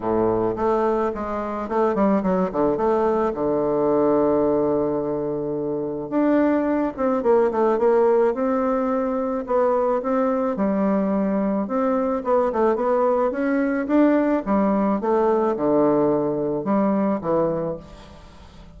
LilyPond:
\new Staff \with { instrumentName = "bassoon" } { \time 4/4 \tempo 4 = 108 a,4 a4 gis4 a8 g8 | fis8 d8 a4 d2~ | d2. d'4~ | d'8 c'8 ais8 a8 ais4 c'4~ |
c'4 b4 c'4 g4~ | g4 c'4 b8 a8 b4 | cis'4 d'4 g4 a4 | d2 g4 e4 | }